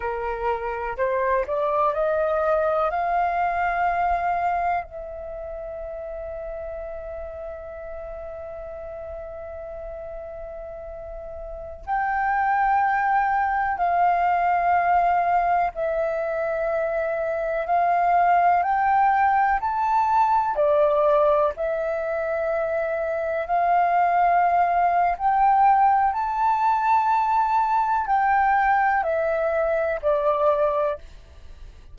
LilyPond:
\new Staff \with { instrumentName = "flute" } { \time 4/4 \tempo 4 = 62 ais'4 c''8 d''8 dis''4 f''4~ | f''4 e''2.~ | e''1~ | e''16 g''2 f''4.~ f''16~ |
f''16 e''2 f''4 g''8.~ | g''16 a''4 d''4 e''4.~ e''16~ | e''16 f''4.~ f''16 g''4 a''4~ | a''4 g''4 e''4 d''4 | }